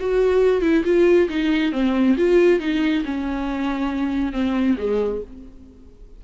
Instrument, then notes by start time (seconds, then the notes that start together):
viola
0.00 F#4
0.62 E4
0.85 F4
1.30 D#4
1.73 C4
2.18 F4
2.60 D#4
3.05 C#4
4.33 C4
4.78 G#3